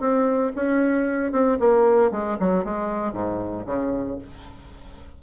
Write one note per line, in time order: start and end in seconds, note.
0.00 0.52 C4
0.55 1.32 C#4
1.32 1.58 C4
1.59 2.11 A#3
2.11 2.37 G#3
2.40 2.64 F#3
2.64 3.13 G#3
3.13 3.65 G#2
3.66 4.18 C#3